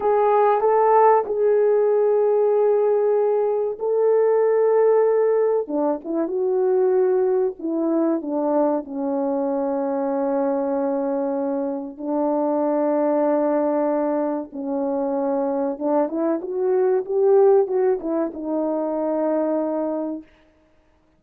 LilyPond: \new Staff \with { instrumentName = "horn" } { \time 4/4 \tempo 4 = 95 gis'4 a'4 gis'2~ | gis'2 a'2~ | a'4 d'8 e'8 fis'2 | e'4 d'4 cis'2~ |
cis'2. d'4~ | d'2. cis'4~ | cis'4 d'8 e'8 fis'4 g'4 | fis'8 e'8 dis'2. | }